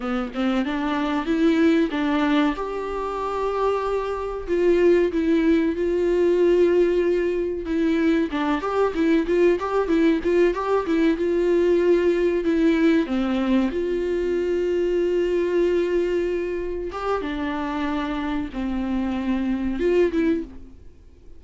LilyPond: \new Staff \with { instrumentName = "viola" } { \time 4/4 \tempo 4 = 94 b8 c'8 d'4 e'4 d'4 | g'2. f'4 | e'4 f'2. | e'4 d'8 g'8 e'8 f'8 g'8 e'8 |
f'8 g'8 e'8 f'2 e'8~ | e'8 c'4 f'2~ f'8~ | f'2~ f'8 g'8 d'4~ | d'4 c'2 f'8 e'8 | }